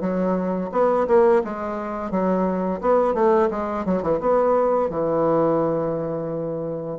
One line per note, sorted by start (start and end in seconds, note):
0.00 0.70 F#3
0.71 1.06 B3
1.07 1.42 A#3
1.44 2.11 G#3
2.11 2.80 F#3
2.81 3.14 B3
3.14 3.49 A3
3.50 3.85 G#3
3.85 4.02 F#3
4.02 4.20 E3
4.20 4.89 B3
4.90 6.98 E3